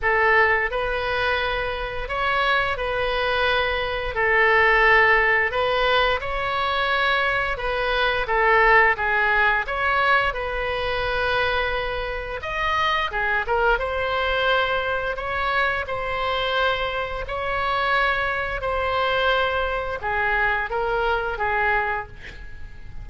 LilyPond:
\new Staff \with { instrumentName = "oboe" } { \time 4/4 \tempo 4 = 87 a'4 b'2 cis''4 | b'2 a'2 | b'4 cis''2 b'4 | a'4 gis'4 cis''4 b'4~ |
b'2 dis''4 gis'8 ais'8 | c''2 cis''4 c''4~ | c''4 cis''2 c''4~ | c''4 gis'4 ais'4 gis'4 | }